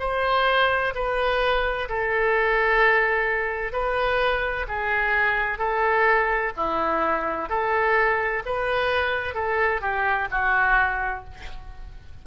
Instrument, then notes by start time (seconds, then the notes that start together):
oboe
0.00 C5
0.95 B4
1.89 A4
3.72 B4
4.68 G#4
5.59 A4
6.56 E4
7.49 A4
8.46 B4
9.35 A4
9.81 G4
10.31 F#4